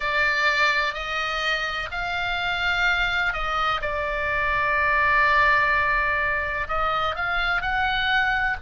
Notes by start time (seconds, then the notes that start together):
0.00 D5
0.94 D#5
1.90 F5
3.33 D#5
3.81 D5
6.68 D#5
7.15 F5
7.61 F#5